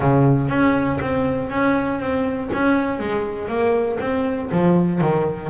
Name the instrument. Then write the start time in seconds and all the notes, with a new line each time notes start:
double bass
0.00 C#3
0.49 C#4
1.00 C4
1.50 C#4
2.00 C4
2.52 C#4
2.99 G#3
3.48 A#3
4.00 C4
4.51 F3
5.00 D#3